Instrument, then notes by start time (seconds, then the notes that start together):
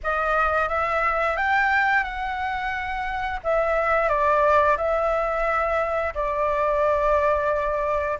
flute
0.03 D#5
0.68 E5
1.36 G5
2.03 F#5
3.43 E5
4.08 D5
4.77 E5
6.14 D5